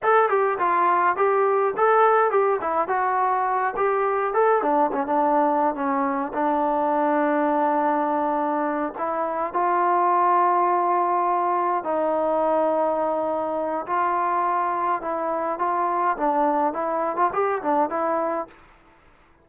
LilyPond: \new Staff \with { instrumentName = "trombone" } { \time 4/4 \tempo 4 = 104 a'8 g'8 f'4 g'4 a'4 | g'8 e'8 fis'4. g'4 a'8 | d'8 cis'16 d'4~ d'16 cis'4 d'4~ | d'2.~ d'8 e'8~ |
e'8 f'2.~ f'8~ | f'8 dis'2.~ dis'8 | f'2 e'4 f'4 | d'4 e'8. f'16 g'8 d'8 e'4 | }